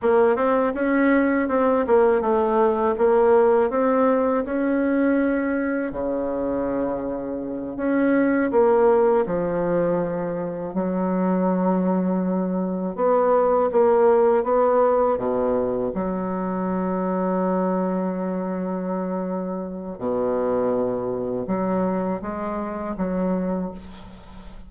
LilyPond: \new Staff \with { instrumentName = "bassoon" } { \time 4/4 \tempo 4 = 81 ais8 c'8 cis'4 c'8 ais8 a4 | ais4 c'4 cis'2 | cis2~ cis8 cis'4 ais8~ | ais8 f2 fis4.~ |
fis4. b4 ais4 b8~ | b8 b,4 fis2~ fis8~ | fis2. b,4~ | b,4 fis4 gis4 fis4 | }